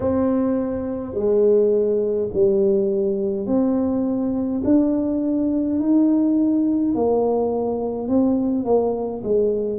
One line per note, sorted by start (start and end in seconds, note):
0.00 1.13 C4
1.13 2.29 G#3
2.33 3.46 G3
3.46 4.62 C4
4.64 5.79 D4
5.79 6.94 D#4
6.94 8.08 A#3
8.08 8.64 C4
8.64 9.22 A#3
9.23 9.79 G#3